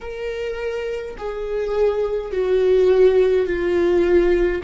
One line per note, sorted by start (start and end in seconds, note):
0.01 1.16 A#4
1.17 2.31 G#4
2.31 3.46 F#4
3.46 4.62 F4